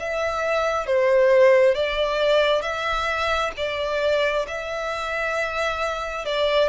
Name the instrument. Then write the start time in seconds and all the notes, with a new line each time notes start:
violin
0.00 E5
0.87 C5
1.75 D5
2.63 E5
3.57 D5
4.48 E5
6.25 D5